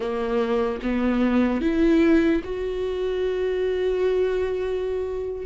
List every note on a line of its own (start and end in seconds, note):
0.00 0.80 A#3
0.82 1.61 B3
1.61 2.42 E4
2.43 5.45 F#4